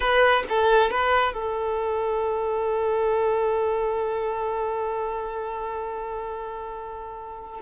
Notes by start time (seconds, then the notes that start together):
0.00 B4
0.49 A4
0.90 B4
1.33 A4